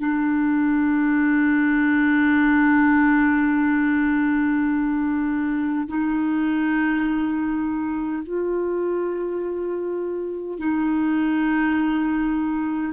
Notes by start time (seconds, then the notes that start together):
0.00 D4
5.89 D#4
8.24 F4
10.59 D#4